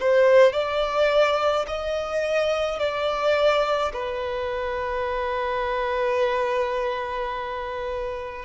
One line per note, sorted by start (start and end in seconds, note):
0.00 0.52 C5
0.52 1.66 D5
1.67 2.79 D#5
2.79 3.92 D5
3.93 8.45 B4